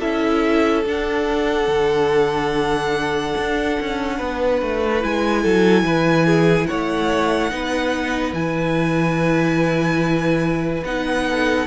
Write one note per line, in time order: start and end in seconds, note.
0.00 0.86 C#4
0.00 0.85 E4
0.00 4.17 A4
0.00 0.85 E5
0.85 5.02 D4
0.85 1.68 D4
0.85 5.04 F#5
1.68 3.35 D3
3.37 3.79 D4
3.81 4.20 C#4
4.18 4.62 B3
4.18 5.42 B4
4.62 5.04 A3
5.02 5.45 G#3
5.02 7.51 E4
5.02 6.67 G#5
5.42 5.83 F#3
5.42 5.84 A4
5.83 6.67 E3
5.83 6.27 B4
6.27 6.68 G#4
6.67 7.52 A3
6.67 7.52 C#5
6.67 8.34 F#5
7.51 8.34 B3
7.51 8.35 D#4
7.51 11.29 B4
8.34 10.84 E3
8.34 10.85 E4
8.34 10.85 G#5
10.85 11.67 B3
10.85 11.67 D#4
10.85 11.67 F#5
11.29 11.67 A4